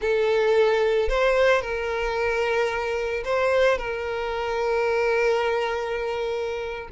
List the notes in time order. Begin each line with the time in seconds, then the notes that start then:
0.01 A4
1.08 C5
1.61 A#4
3.24 C5
3.78 A#4